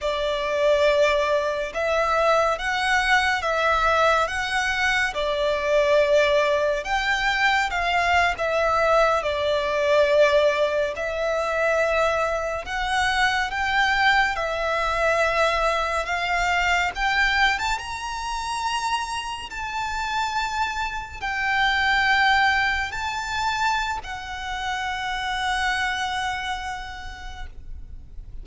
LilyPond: \new Staff \with { instrumentName = "violin" } { \time 4/4 \tempo 4 = 70 d''2 e''4 fis''4 | e''4 fis''4 d''2 | g''4 f''8. e''4 d''4~ d''16~ | d''8. e''2 fis''4 g''16~ |
g''8. e''2 f''4 g''16~ | g''8 a''16 ais''2 a''4~ a''16~ | a''8. g''2 a''4~ a''16 | fis''1 | }